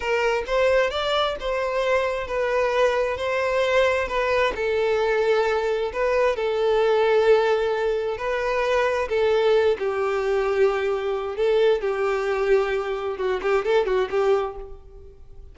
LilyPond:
\new Staff \with { instrumentName = "violin" } { \time 4/4 \tempo 4 = 132 ais'4 c''4 d''4 c''4~ | c''4 b'2 c''4~ | c''4 b'4 a'2~ | a'4 b'4 a'2~ |
a'2 b'2 | a'4. g'2~ g'8~ | g'4 a'4 g'2~ | g'4 fis'8 g'8 a'8 fis'8 g'4 | }